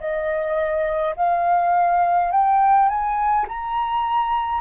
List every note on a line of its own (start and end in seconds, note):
0.00 1.15 D#5
1.16 2.32 F5
2.32 2.89 G5
2.89 3.47 G#5
3.49 4.61 A#5